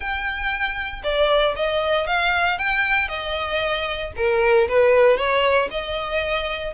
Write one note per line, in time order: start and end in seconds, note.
0.00 1.02 G5
1.03 1.55 D5
1.55 2.06 D#5
2.06 2.58 F5
2.58 3.08 G5
3.08 4.11 D#5
4.16 4.68 A#4
4.68 5.17 B4
5.17 5.68 C#5
5.71 6.73 D#5